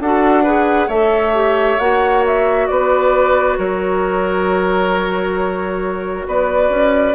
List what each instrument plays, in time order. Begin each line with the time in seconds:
0.00 bassoon D4, clarinet F#4, oboe A4, flute F#5
0.43 clarinet G#4, oboe B4
0.88 bassoon A3, clarinet A4, oboe C#5, flute E5
1.34 clarinet G4
1.79 bassoon A#3, clarinet F#4, flute F#5
2.27 flute E5
2.67 bassoon B3, oboe B4, flute D5
3.58 bassoon F#3, oboe A#4, flute C#5
6.27 bassoon B3, oboe B4, flute D5
6.70 bassoon C#4